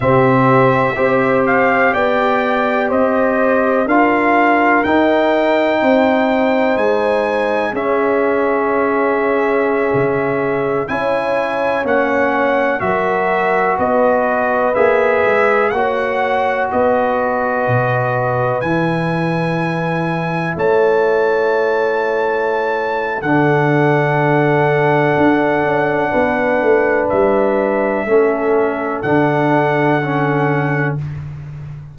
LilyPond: <<
  \new Staff \with { instrumentName = "trumpet" } { \time 4/4 \tempo 4 = 62 e''4. f''8 g''4 dis''4 | f''4 g''2 gis''4 | e''2.~ e''16 gis''8.~ | gis''16 fis''4 e''4 dis''4 e''8.~ |
e''16 fis''4 dis''2 gis''8.~ | gis''4~ gis''16 a''2~ a''8. | fis''1 | e''2 fis''2 | }
  \new Staff \with { instrumentName = "horn" } { \time 4/4 g'4 c''4 d''4 c''4 | ais'2 c''2 | gis'2.~ gis'16 cis''8.~ | cis''4~ cis''16 ais'4 b'4.~ b'16~ |
b'16 cis''4 b'2~ b'8.~ | b'4~ b'16 cis''2~ cis''8. | a'2. b'4~ | b'4 a'2. | }
  \new Staff \with { instrumentName = "trombone" } { \time 4/4 c'4 g'2. | f'4 dis'2. | cis'2.~ cis'16 e'8.~ | e'16 cis'4 fis'2 gis'8.~ |
gis'16 fis'2. e'8.~ | e'1 | d'1~ | d'4 cis'4 d'4 cis'4 | }
  \new Staff \with { instrumentName = "tuba" } { \time 4/4 c4 c'4 b4 c'4 | d'4 dis'4 c'4 gis4 | cis'2~ cis'16 cis4 cis'8.~ | cis'16 ais4 fis4 b4 ais8 gis16~ |
gis16 ais4 b4 b,4 e8.~ | e4~ e16 a2~ a8. | d2 d'8 cis'8 b8 a8 | g4 a4 d2 | }
>>